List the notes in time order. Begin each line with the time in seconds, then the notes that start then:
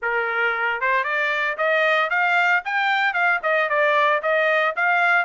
0.01 A#4
0.80 C5
1.04 D5
1.57 D#5
2.10 F5
2.64 G5
3.13 F5
3.43 D#5
3.69 D5
4.22 D#5
4.76 F5